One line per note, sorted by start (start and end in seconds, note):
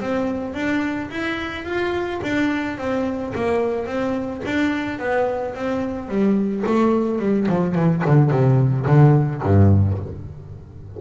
0.00 0.54 C4
0.54 1.10 D4
1.10 1.64 E4
1.64 2.20 F4
2.23 2.78 D4
2.78 3.33 C4
3.35 3.86 A#3
3.86 4.42 C4
4.45 4.99 D4
4.99 5.54 B3
5.55 6.08 C4
6.08 6.64 G3
6.66 7.19 A3
7.19 7.47 G3
7.48 7.75 F3
7.75 8.03 E3
8.05 8.30 D3
8.30 8.86 C3
8.86 9.42 D3
9.43 9.98 G2